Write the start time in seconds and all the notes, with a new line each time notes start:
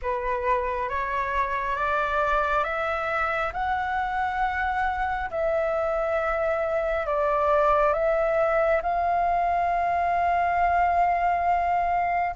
0.02 B4
0.89 C#5
1.76 D5
2.64 E5
3.53 F#5
5.30 E5
7.06 D5
7.93 E5
8.82 F5